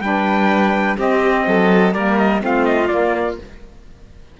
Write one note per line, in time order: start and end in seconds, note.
0.00 0.96 G3
0.00 0.96 D4
0.00 0.96 B4
0.00 0.97 G5
0.96 1.92 C4
0.96 1.46 C4
0.96 1.45 G4
0.96 1.93 D#5
1.47 1.93 F#3
1.47 1.94 A4
1.93 2.41 G3
1.93 2.40 A#3
1.93 2.42 A#4
1.93 2.17 D5
2.18 2.42 D#5
2.40 2.89 A3
2.40 2.88 C4
2.40 3.40 F4
2.40 2.65 F5
2.65 2.87 D#5
2.87 3.37 A#3
2.87 3.38 A#3
2.87 3.35 D5